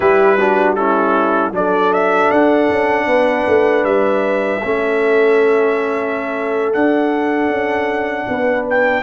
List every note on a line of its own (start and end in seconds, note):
0.00 1.51 G3
0.00 0.38 E4
0.00 0.37 G4
0.00 0.74 B4
0.38 0.77 D4
0.38 0.76 F#4
0.75 1.53 C#4
0.75 1.53 E4
0.75 1.52 A4
1.51 2.28 F#3
1.51 4.61 D4
1.51 3.07 A4
1.51 1.93 D5
1.93 2.31 E5
2.31 2.69 D4
2.31 3.84 F#5
2.70 3.06 C#4
3.06 3.45 B3
3.06 4.61 B4
3.47 3.83 A3
3.83 4.60 G3
3.83 6.72 E5
4.62 6.74 A3
4.62 6.73 C#4
4.62 8.27 A4
6.73 9.03 D4
6.73 7.49 D4
6.73 8.65 F#5
7.49 8.25 C#4
8.28 9.03 B3
8.28 9.03 B4
8.70 9.03 G5